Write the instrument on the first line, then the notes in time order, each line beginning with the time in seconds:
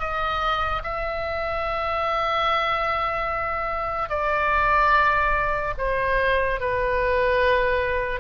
oboe
0.00 D#5
0.84 E5
4.10 D5
5.78 C5
6.61 B4